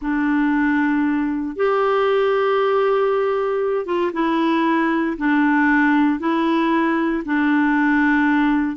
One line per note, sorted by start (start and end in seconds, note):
0.01 1.56 D4
1.56 3.85 G4
3.85 4.11 F4
4.13 5.16 E4
5.17 6.19 D4
6.19 7.23 E4
7.25 8.76 D4